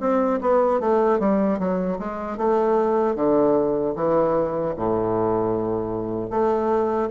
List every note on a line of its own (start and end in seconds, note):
0.00 0.39 C4
0.41 0.80 B3
0.80 1.19 A3
1.19 1.59 G3
1.59 1.98 F#3
1.98 2.37 G#3
2.37 3.15 A3
3.15 3.94 D3
3.95 4.74 E3
4.76 6.30 A2
6.30 7.09 A3